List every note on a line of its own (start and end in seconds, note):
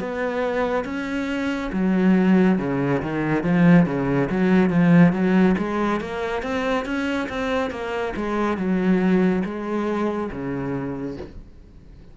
0.00 0.85 B3
0.85 1.71 C#4
1.73 2.58 F#3
2.58 3.01 C#3
3.02 3.44 D#3
3.44 3.86 F3
3.86 4.29 C#3
4.30 4.70 F#3
4.70 5.13 F3
5.13 5.56 F#3
5.58 6.00 G#3
6.01 6.42 A#3
6.42 6.85 C4
6.86 7.29 C#4
7.29 7.71 C4
7.71 8.14 A#3
8.17 8.58 G#3
8.58 9.43 F#3
9.45 10.31 G#3
10.31 11.17 C#3